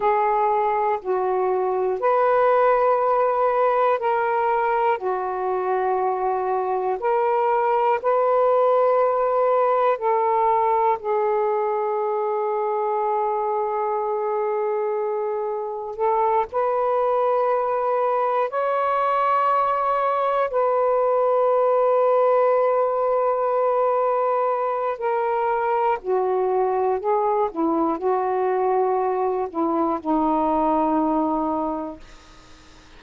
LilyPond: \new Staff \with { instrumentName = "saxophone" } { \time 4/4 \tempo 4 = 60 gis'4 fis'4 b'2 | ais'4 fis'2 ais'4 | b'2 a'4 gis'4~ | gis'1 |
a'8 b'2 cis''4.~ | cis''8 b'2.~ b'8~ | b'4 ais'4 fis'4 gis'8 e'8 | fis'4. e'8 dis'2 | }